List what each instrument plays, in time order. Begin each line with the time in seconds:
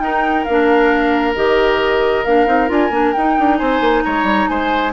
0.00 bassoon D#4, clarinet D#4, oboe A#4, flute G5
0.45 bassoon A#3, clarinet D4, flute F5
1.35 bassoon D#3, clarinet G4, flute D#5
2.24 bassoon A#3, clarinet D4, flute F5
2.46 bassoon C4, clarinet D#4
2.68 bassoon D4, clarinet F4, flute G#5
2.90 bassoon A#3, clarinet D4
3.13 bassoon D#4, flute G5
3.19 clarinet D#4
3.39 bassoon D4
3.57 bassoon C4, oboe C5, flute G#5
3.81 bassoon A#3
4.03 bassoon G#3, oboe C#5, flute A#5
4.23 bassoon G3
4.48 bassoon G#3, oboe C5, flute G#5